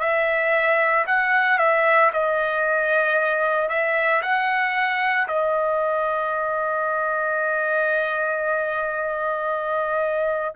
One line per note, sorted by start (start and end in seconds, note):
0.00 1.05 E5
1.07 1.58 F#5
1.58 2.11 E5
2.13 3.69 D#5
3.69 4.22 E5
4.22 5.28 F#5
5.28 10.55 D#5